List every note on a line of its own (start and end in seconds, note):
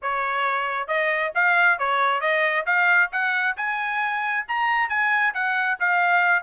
0.02 0.87 C#5
0.87 1.32 D#5
1.34 1.78 F5
1.78 2.20 C#5
2.20 2.65 D#5
2.66 3.10 F5
3.12 3.56 F#5
3.57 4.45 G#5
4.48 4.89 A#5
4.89 5.33 G#5
5.34 5.78 F#5
5.79 6.43 F5